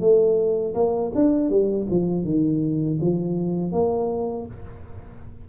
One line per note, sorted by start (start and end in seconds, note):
0.00 0.74 A3
0.74 1.11 A#3
1.15 1.49 D4
1.49 1.87 G3
1.90 2.25 F3
2.25 2.99 D#3
3.01 3.72 F3
3.72 4.46 A#3